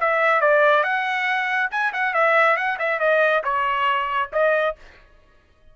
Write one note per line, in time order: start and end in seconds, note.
0.00 0.41 E5
0.41 0.83 D5
0.83 1.70 F#5
1.71 1.92 G#5
1.93 2.13 F#5
2.13 2.56 E5
2.56 2.78 F#5
2.78 2.99 E5
2.99 3.42 D#5
3.43 4.30 C#5
4.32 4.75 D#5